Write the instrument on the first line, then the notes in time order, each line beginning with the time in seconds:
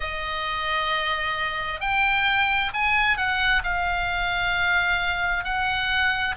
oboe
0.00 D#5
1.80 G5
2.73 G#5
3.17 F#5
3.63 F5
5.44 F#5